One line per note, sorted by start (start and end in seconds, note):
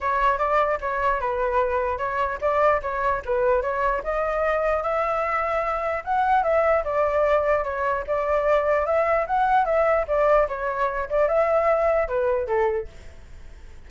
0.00 0.38 C#5
0.38 0.78 D5
0.80 1.20 C#5
1.20 1.98 B4
1.98 2.38 C#5
2.41 2.81 D5
2.82 3.22 C#5
3.25 3.61 B4
3.61 4.02 C#5
4.03 4.82 D#5
4.82 6.03 E5
6.04 6.43 F#5
6.43 6.83 E5
6.84 7.63 D5
7.63 8.04 C#5
8.07 8.86 D5
8.86 9.26 E5
9.26 9.65 F#5
9.65 10.05 E5
10.07 10.47 D5
10.48 11.08 C#5
11.09 11.28 D5
11.28 12.07 E5
12.07 12.47 B4
12.47 12.87 A4